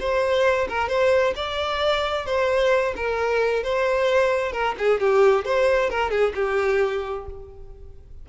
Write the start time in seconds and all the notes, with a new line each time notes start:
0.00 C5
0.69 A#4
0.88 C5
1.36 D5
2.26 C5
2.96 A#4
3.64 C5
4.52 A#4
4.78 G#4
5.00 G4
5.45 C5
5.90 A#4
6.11 G#4
6.35 G4